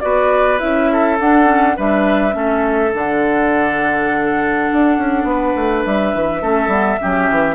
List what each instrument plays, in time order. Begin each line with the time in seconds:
0.00 bassoon B3, clarinet F#4, oboe B4, flute D5
0.59 bassoon C#4, clarinet E4, flute E5
0.92 oboe A4
1.19 bassoon D4, clarinet D4, flute F#5
1.45 clarinet C#4
1.76 bassoon G3, clarinet D4, oboe B4, flute E5
2.32 bassoon A3, clarinet C#4, oboe A4
2.93 bassoon D3, clarinet D4, flute F#5
4.73 bassoon D4
4.97 bassoon C#4
5.24 bassoon B3, oboe B4
5.55 bassoon A3
5.84 bassoon G3, flute E5
6.14 bassoon E3
6.42 bassoon A3, clarinet C#4, oboe A4
6.67 bassoon G3, clarinet B3
7.00 bassoon F#3, clarinet C#4, oboe G4
7.30 bassoon E3